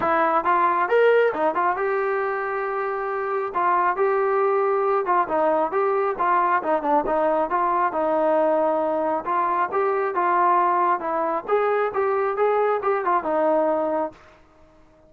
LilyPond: \new Staff \with { instrumentName = "trombone" } { \time 4/4 \tempo 4 = 136 e'4 f'4 ais'4 dis'8 f'8 | g'1 | f'4 g'2~ g'8 f'8 | dis'4 g'4 f'4 dis'8 d'8 |
dis'4 f'4 dis'2~ | dis'4 f'4 g'4 f'4~ | f'4 e'4 gis'4 g'4 | gis'4 g'8 f'8 dis'2 | }